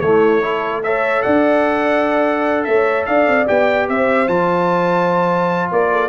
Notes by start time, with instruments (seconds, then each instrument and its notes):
0.00 tuba A3, trombone A3, horn E4, trumpet C#5
0.41 trombone E4, horn A4
0.83 trombone A4, horn C#5, trumpet E5
1.22 tuba D4, horn D5, trumpet F#5
2.63 tuba A3, horn C#5, trumpet E5
3.05 tuba D4, horn D5, trumpet F5
3.27 tuba C4
3.46 tuba B3, trombone G4, trumpet G5
3.88 tuba C4, horn C5, trumpet E5
4.27 tuba F3, trombone F4, trumpet A5
5.70 tuba A#3, horn A#4, trumpet D5
5.92 horn A4